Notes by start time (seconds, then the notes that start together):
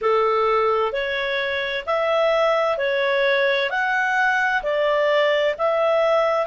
0.01 A4
0.92 C#5
1.86 E5
2.77 C#5
3.70 F#5
4.62 D5
5.58 E5